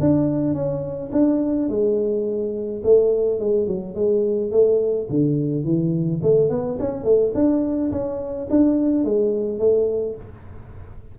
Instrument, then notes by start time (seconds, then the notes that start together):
tuba
0.00 D4
0.54 C#4
1.12 D4
1.69 G#3
2.84 A3
3.40 G#3
3.67 F#3
3.95 G#3
4.51 A3
5.10 D3
5.64 E3
6.22 A3
6.50 B3
6.80 C#4
7.04 A3
7.35 D4
7.91 C#4
8.50 D4
9.04 G#3
9.59 A3